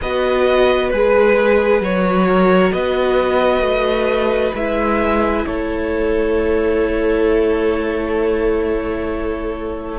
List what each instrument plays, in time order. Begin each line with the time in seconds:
0.01 cello B3, viola F#4, violin B4 D#5
0.89 cello G#3, viola G#4, violin B4
1.80 cello F#3, viola F#4, violin C#5
2.27 violin A#4
2.72 cello B3, violin B4 D#5
3.60 cello A3
4.54 cello G#3, viola E4, violin E5
5.45 cello A3, violin A4 C#5